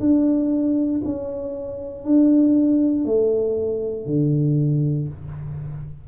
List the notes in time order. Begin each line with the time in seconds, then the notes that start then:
0.00 D4
1.05 C#4
2.05 D4
3.05 A3
4.07 D3